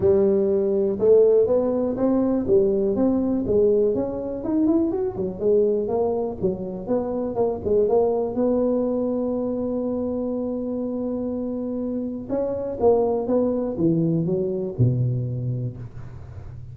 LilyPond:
\new Staff \with { instrumentName = "tuba" } { \time 4/4 \tempo 4 = 122 g2 a4 b4 | c'4 g4 c'4 gis4 | cis'4 dis'8 e'8 fis'8 fis8 gis4 | ais4 fis4 b4 ais8 gis8 |
ais4 b2.~ | b1~ | b4 cis'4 ais4 b4 | e4 fis4 b,2 | }